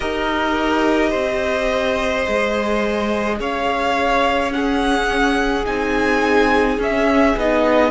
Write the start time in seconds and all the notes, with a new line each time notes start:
0.00 D#4 G4 A#4 D#5
1.09 C4 C5
2.25 G#3 G#4
3.39 C#4 C#5 F5
4.51 C#4 G#4 F#5
5.65 C4 D#4 G#5
6.78 C#4 E5
7.36 B3 D#4 D#5